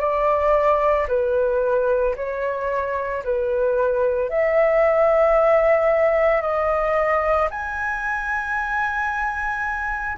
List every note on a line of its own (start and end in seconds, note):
0.00 1.07 D5
1.08 2.15 B4
2.16 3.23 C#5
3.24 4.30 B4
4.30 6.42 E5
6.42 7.49 D#5
7.50 10.18 G#5